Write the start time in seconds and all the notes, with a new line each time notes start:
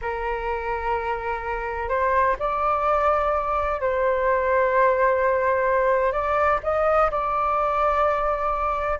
0.01 A#4
1.89 C5
2.39 D5
3.81 C5
6.12 D5
6.63 D#5
7.10 D5